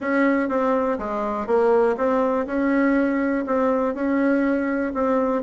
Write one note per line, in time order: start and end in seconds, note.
0.00 0.48 C#4
0.48 0.97 C4
0.98 1.46 G#3
1.46 1.96 A#3
1.97 2.46 C4
2.46 3.44 C#4
3.46 3.94 C4
3.94 4.92 C#4
4.94 5.42 C4